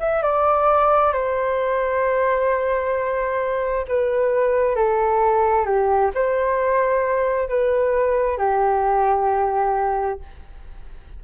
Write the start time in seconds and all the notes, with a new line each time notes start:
0.00 E5
0.23 D5
1.13 C5
3.88 B4
4.76 A4
5.66 G4
6.15 C5
7.49 B4
8.38 G4